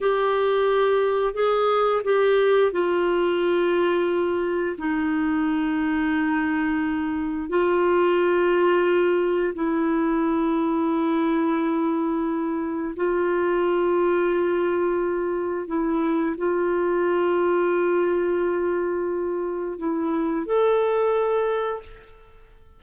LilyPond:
\new Staff \with { instrumentName = "clarinet" } { \time 4/4 \tempo 4 = 88 g'2 gis'4 g'4 | f'2. dis'4~ | dis'2. f'4~ | f'2 e'2~ |
e'2. f'4~ | f'2. e'4 | f'1~ | f'4 e'4 a'2 | }